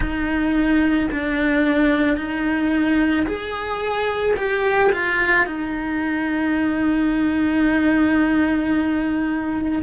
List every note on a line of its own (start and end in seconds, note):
0.00 1.09 D#4
1.12 2.17 D4
2.17 3.26 D#4
3.26 4.35 G#4
4.36 4.91 G4
4.92 5.45 F4
5.45 9.82 D#4